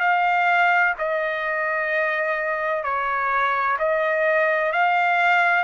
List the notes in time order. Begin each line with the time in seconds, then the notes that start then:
0.00 F5
0.98 D#5
2.83 C#5
3.79 D#5
4.72 F5